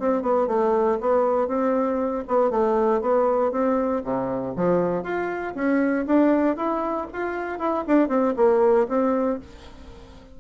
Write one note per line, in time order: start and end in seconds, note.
0.00 0.22 C4
0.22 0.48 B3
0.48 0.99 A3
1.01 1.48 B3
1.48 2.24 C4
2.28 2.51 B3
2.51 3.02 A3
3.02 3.52 B3
3.52 4.03 C4
4.04 4.55 C3
4.56 5.04 F3
5.04 5.54 F4
5.55 6.06 C#4
6.07 6.57 D4
6.57 7.08 E4
7.13 7.59 F4
7.59 7.85 E4
7.87 8.09 D4
8.09 8.34 C4
8.37 8.88 A#3
8.89 9.40 C4